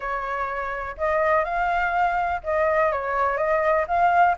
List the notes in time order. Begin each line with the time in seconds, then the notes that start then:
0.00 C#5
0.97 D#5
1.44 F5
2.43 D#5
2.92 C#5
3.37 D#5
3.87 F5